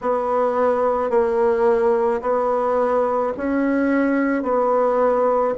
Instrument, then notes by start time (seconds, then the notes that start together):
bassoon
0.01 B3
1.10 A#3
2.21 B3
3.37 C#4
4.42 B3